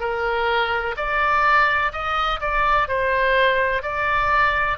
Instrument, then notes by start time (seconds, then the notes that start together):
oboe
0.00 A#4
0.97 D5
1.92 D#5
2.40 D5
2.88 C5
3.83 D5